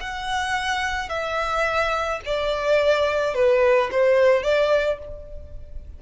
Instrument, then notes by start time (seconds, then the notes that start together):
violin
0.00 F#5
1.09 E5
2.26 D5
3.35 B4
3.91 C5
4.43 D5